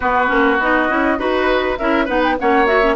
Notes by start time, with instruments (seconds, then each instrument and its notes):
0.00 clarinet B3, bassoon B3, oboe F#4, flute B4
0.27 bassoon A#3, clarinet C#4
0.59 bassoon B3, clarinet D#4, flute D#5
0.88 bassoon C#4, clarinet E4
1.17 bassoon D#4, clarinet F#4, oboe B4, flute B4
1.78 bassoon C#4, clarinet E4, oboe A#4, flute E5
2.05 bassoon B3, clarinet D#4, oboe B4, flute F#5
2.23 flute G5
2.39 bassoon A#3, clarinet C#4, oboe C#5, flute F#5
2.66 clarinet F#4, flute E5
2.81 clarinet C#4